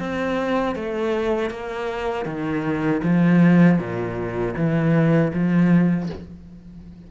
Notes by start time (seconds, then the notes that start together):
0.00 C4
0.76 A3
1.51 A#3
2.26 D#3
3.03 F3
3.79 A#2
4.56 E3
5.34 F3